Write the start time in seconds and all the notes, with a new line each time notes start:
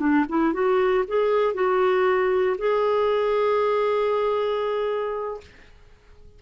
0.00 D4
0.29 E4
0.54 F#4
1.08 G#4
1.54 F#4
2.59 G#4